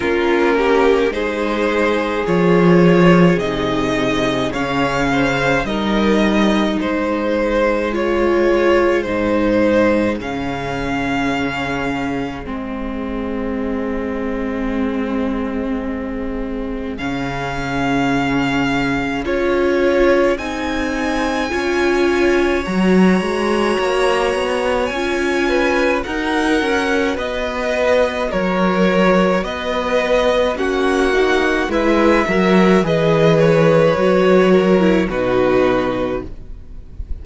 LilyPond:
<<
  \new Staff \with { instrumentName = "violin" } { \time 4/4 \tempo 4 = 53 ais'4 c''4 cis''4 dis''4 | f''4 dis''4 c''4 cis''4 | c''4 f''2 dis''4~ | dis''2. f''4~ |
f''4 cis''4 gis''2 | ais''2 gis''4 fis''4 | dis''4 cis''4 dis''4 fis''4 | e''4 dis''8 cis''4. b'4 | }
  \new Staff \with { instrumentName = "violin" } { \time 4/4 f'8 g'8 gis'2. | cis''8 c''8 ais'4 gis'2~ | gis'1~ | gis'1~ |
gis'2. cis''4~ | cis''2~ cis''8 b'8 ais'4 | b'4 ais'4 b'4 fis'4 | b'8 ais'8 b'4. ais'8 fis'4 | }
  \new Staff \with { instrumentName = "viola" } { \time 4/4 cis'4 dis'4 f'4 dis'4 | cis'4 dis'2 f'4 | dis'4 cis'2 c'4~ | c'2. cis'4~ |
cis'4 f'4 dis'4 f'4 | fis'2 f'4 fis'4~ | fis'2. cis'8 dis'8 | e'8 fis'8 gis'4 fis'8. e'16 dis'4 | }
  \new Staff \with { instrumentName = "cello" } { \time 4/4 ais4 gis4 f4 c4 | cis4 g4 gis2 | gis,4 cis2 gis4~ | gis2. cis4~ |
cis4 cis'4 c'4 cis'4 | fis8 gis8 ais8 b8 cis'4 dis'8 cis'8 | b4 fis4 b4 ais4 | gis8 fis8 e4 fis4 b,4 | }
>>